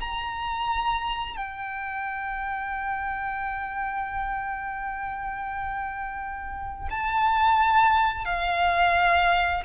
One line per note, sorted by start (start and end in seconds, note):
0.00 1.36 A#5
1.36 6.88 G5
6.90 8.25 A5
8.25 9.63 F5